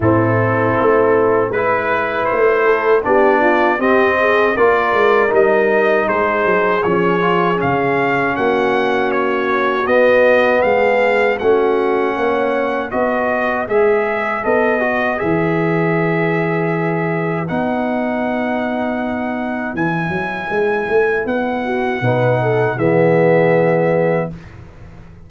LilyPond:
<<
  \new Staff \with { instrumentName = "trumpet" } { \time 4/4 \tempo 4 = 79 a'2 b'4 c''4 | d''4 dis''4 d''4 dis''4 | c''4 cis''4 f''4 fis''4 | cis''4 dis''4 f''4 fis''4~ |
fis''4 dis''4 e''4 dis''4 | e''2. fis''4~ | fis''2 gis''2 | fis''2 e''2 | }
  \new Staff \with { instrumentName = "horn" } { \time 4/4 e'2 b'4. a'8 | g'8 f'8 g'8 gis'8 ais'2 | gis'2. fis'4~ | fis'2 gis'4 fis'4 |
cis''4 b'2.~ | b'1~ | b'1~ | b'8 fis'8 b'8 a'8 gis'2 | }
  \new Staff \with { instrumentName = "trombone" } { \time 4/4 c'2 e'2 | d'4 c'4 f'4 dis'4~ | dis'4 cis'8 f'8 cis'2~ | cis'4 b2 cis'4~ |
cis'4 fis'4 gis'4 a'8 fis'8 | gis'2. dis'4~ | dis'2 e'2~ | e'4 dis'4 b2 | }
  \new Staff \with { instrumentName = "tuba" } { \time 4/4 a,4 a4 gis4 a4 | b4 c'4 ais8 gis8 g4 | gis8 fis8 f4 cis4 ais4~ | ais4 b4 gis4 a4 |
ais4 b4 gis4 b4 | e2. b4~ | b2 e8 fis8 gis8 a8 | b4 b,4 e2 | }
>>